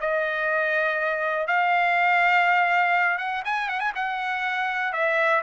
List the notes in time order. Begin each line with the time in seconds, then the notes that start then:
0.00 D#5
1.47 F5
3.18 F#5
3.44 G#5
3.68 F#5
3.80 G#5
3.95 F#5
4.92 E5